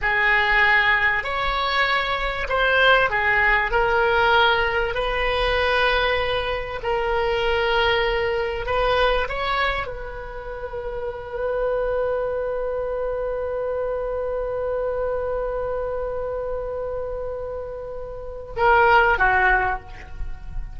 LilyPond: \new Staff \with { instrumentName = "oboe" } { \time 4/4 \tempo 4 = 97 gis'2 cis''2 | c''4 gis'4 ais'2 | b'2. ais'4~ | ais'2 b'4 cis''4 |
b'1~ | b'1~ | b'1~ | b'2 ais'4 fis'4 | }